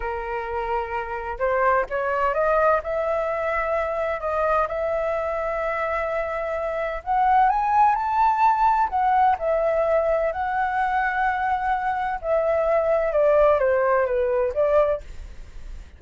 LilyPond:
\new Staff \with { instrumentName = "flute" } { \time 4/4 \tempo 4 = 128 ais'2. c''4 | cis''4 dis''4 e''2~ | e''4 dis''4 e''2~ | e''2. fis''4 |
gis''4 a''2 fis''4 | e''2 fis''2~ | fis''2 e''2 | d''4 c''4 b'4 d''4 | }